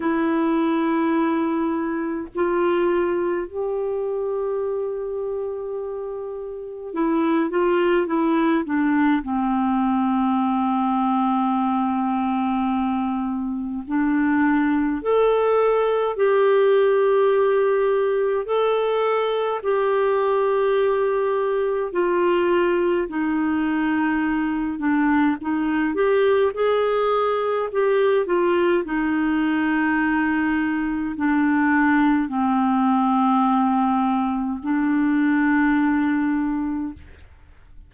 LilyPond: \new Staff \with { instrumentName = "clarinet" } { \time 4/4 \tempo 4 = 52 e'2 f'4 g'4~ | g'2 e'8 f'8 e'8 d'8 | c'1 | d'4 a'4 g'2 |
a'4 g'2 f'4 | dis'4. d'8 dis'8 g'8 gis'4 | g'8 f'8 dis'2 d'4 | c'2 d'2 | }